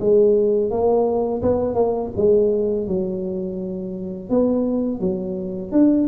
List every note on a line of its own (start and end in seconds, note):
0.00 0.70 G#3
0.70 1.42 A#3
1.42 1.74 B3
1.74 2.10 A#3
2.17 2.87 G#3
2.87 4.30 F#3
4.30 5.00 B3
5.00 5.71 F#3
5.71 6.07 D4